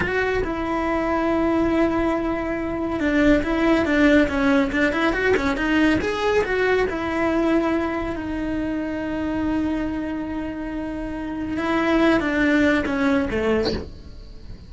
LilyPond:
\new Staff \with { instrumentName = "cello" } { \time 4/4 \tempo 4 = 140 fis'4 e'2.~ | e'2. d'4 | e'4 d'4 cis'4 d'8 e'8 | fis'8 cis'8 dis'4 gis'4 fis'4 |
e'2. dis'4~ | dis'1~ | dis'2. e'4~ | e'8 d'4. cis'4 a4 | }